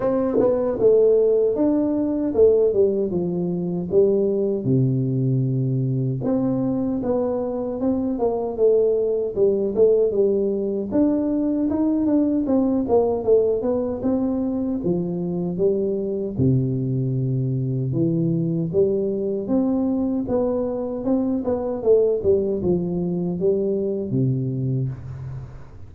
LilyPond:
\new Staff \with { instrumentName = "tuba" } { \time 4/4 \tempo 4 = 77 c'8 b8 a4 d'4 a8 g8 | f4 g4 c2 | c'4 b4 c'8 ais8 a4 | g8 a8 g4 d'4 dis'8 d'8 |
c'8 ais8 a8 b8 c'4 f4 | g4 c2 e4 | g4 c'4 b4 c'8 b8 | a8 g8 f4 g4 c4 | }